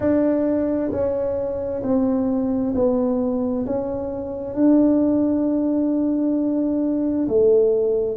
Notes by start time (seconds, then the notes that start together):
0.00 D4
0.91 C#4
1.83 C4
2.74 B3
3.66 C#4
4.54 D4
7.28 A3